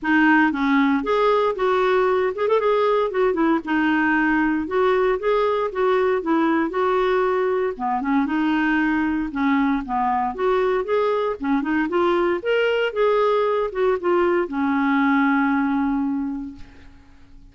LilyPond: \new Staff \with { instrumentName = "clarinet" } { \time 4/4 \tempo 4 = 116 dis'4 cis'4 gis'4 fis'4~ | fis'8 gis'16 a'16 gis'4 fis'8 e'8 dis'4~ | dis'4 fis'4 gis'4 fis'4 | e'4 fis'2 b8 cis'8 |
dis'2 cis'4 b4 | fis'4 gis'4 cis'8 dis'8 f'4 | ais'4 gis'4. fis'8 f'4 | cis'1 | }